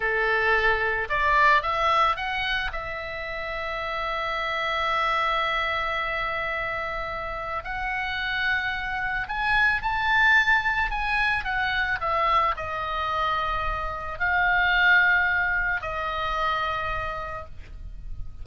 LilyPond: \new Staff \with { instrumentName = "oboe" } { \time 4/4 \tempo 4 = 110 a'2 d''4 e''4 | fis''4 e''2.~ | e''1~ | e''2 fis''2~ |
fis''4 gis''4 a''2 | gis''4 fis''4 e''4 dis''4~ | dis''2 f''2~ | f''4 dis''2. | }